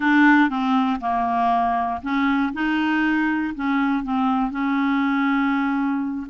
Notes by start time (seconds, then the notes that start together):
0.00 D4
0.49 C4
1.00 A#3
2.02 C#4
2.53 D#4
3.55 C#4
4.03 C4
4.50 C#4